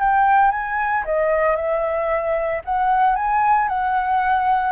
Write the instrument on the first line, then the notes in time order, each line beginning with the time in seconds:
flute
0.00 G5
0.51 G#5
1.05 D#5
1.56 E5
2.65 F#5
3.16 G#5
3.69 F#5